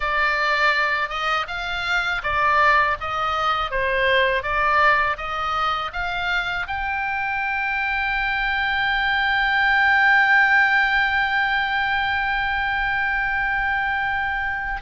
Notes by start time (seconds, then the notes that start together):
0.00 D5
1.09 D#5
1.47 F5
2.23 D5
3.00 D#5
3.70 C5
4.42 D5
5.17 D#5
5.93 F5
6.67 G5